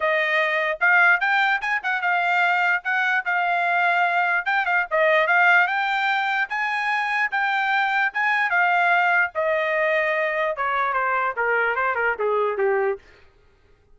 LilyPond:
\new Staff \with { instrumentName = "trumpet" } { \time 4/4 \tempo 4 = 148 dis''2 f''4 g''4 | gis''8 fis''8 f''2 fis''4 | f''2. g''8 f''8 | dis''4 f''4 g''2 |
gis''2 g''2 | gis''4 f''2 dis''4~ | dis''2 cis''4 c''4 | ais'4 c''8 ais'8 gis'4 g'4 | }